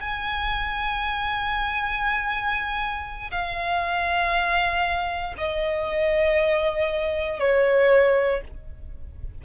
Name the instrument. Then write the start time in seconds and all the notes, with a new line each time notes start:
violin
0.00 G#5
3.31 F5
5.37 D#5
7.39 C#5